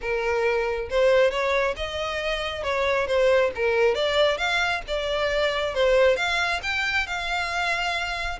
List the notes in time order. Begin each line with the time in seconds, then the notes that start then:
0.01 A#4
0.90 C5
1.30 C#5
1.76 D#5
2.63 C#5
3.07 C5
3.55 A#4
3.94 D5
4.37 F5
4.87 D5
5.74 C5
6.16 F5
6.62 G5
7.06 F5